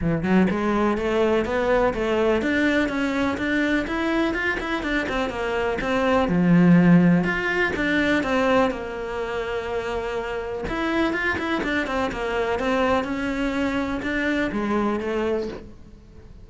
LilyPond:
\new Staff \with { instrumentName = "cello" } { \time 4/4 \tempo 4 = 124 e8 fis8 gis4 a4 b4 | a4 d'4 cis'4 d'4 | e'4 f'8 e'8 d'8 c'8 ais4 | c'4 f2 f'4 |
d'4 c'4 ais2~ | ais2 e'4 f'8 e'8 | d'8 c'8 ais4 c'4 cis'4~ | cis'4 d'4 gis4 a4 | }